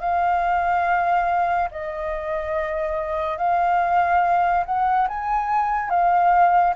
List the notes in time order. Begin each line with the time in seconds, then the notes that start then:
0.00 F5
1.72 D#5
3.38 F5
4.66 F#5
5.08 G#5
5.90 F5